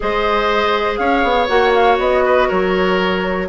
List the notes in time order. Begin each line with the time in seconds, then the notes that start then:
0.00 G#3 G#4 C5 D#5
0.97 C#4 C#5 F5
1.23 B3
1.48 A#3 F#4 F#5
1.73 F5
1.99 B3 D#5
2.25 B4
2.48 F#3 A#4 C#5